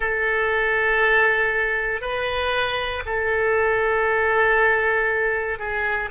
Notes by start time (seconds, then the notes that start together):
0.00 A4
2.01 B4
3.05 A4
5.58 G#4